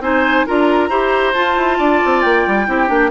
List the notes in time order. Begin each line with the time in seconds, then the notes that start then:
0.00 C4 D#4 C5 G#5
0.46 D4 F4 A#4 A#5
0.89 E4 G4 C5
1.33 F4 A5
1.56 E4
1.78 D4 D5
2.05 C4
2.21 A#3 G5
2.47 G3
2.67 C4 E4 G4
2.87 A#3 D4